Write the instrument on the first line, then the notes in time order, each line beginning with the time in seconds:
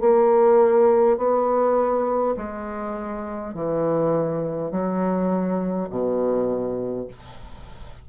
bassoon
0.00 A#3
1.17 B3
2.36 G#3
3.54 E3
4.71 F#3
5.89 B2